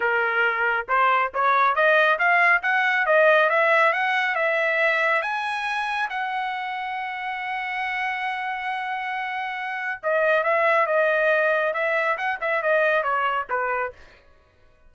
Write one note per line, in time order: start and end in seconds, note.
0.00 0.86 A#4
0.88 1.32 C5
1.34 1.75 C#5
1.75 2.18 D#5
2.18 2.62 F5
2.62 3.06 F#5
3.06 3.49 D#5
3.49 3.92 E5
3.92 4.35 F#5
4.35 5.22 E5
5.22 6.08 G#5
6.09 10.00 F#5
10.02 10.43 D#5
10.43 10.86 E5
10.86 11.73 D#5
11.73 12.17 E5
12.17 12.39 F#5
12.40 12.62 E5
12.62 13.03 D#5
13.03 13.46 C#5
13.49 13.92 B4